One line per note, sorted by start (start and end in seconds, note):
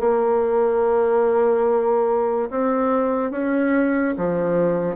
0.00 2.50 A#3
2.50 3.31 C4
3.31 4.15 C#4
4.17 4.96 F3